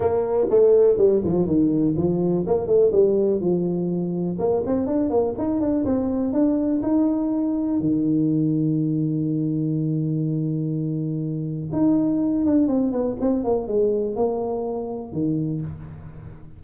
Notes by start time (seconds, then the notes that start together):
0.00 A#3
0.49 A3
0.97 G3
1.24 F3
1.46 D#3
1.96 F3
2.46 A#3
2.67 A3
2.92 G3
3.40 F3
4.38 A#3
4.66 C4
4.86 D4
5.10 A#3
5.38 D#4
5.60 D4
5.85 C4
6.32 D4
6.82 D#4
7.80 D#3
11.72 D#4
12.45 D4
12.67 C4
12.91 B3
13.20 C4
13.43 A#3
13.67 G#3
14.15 A#3
15.12 D#3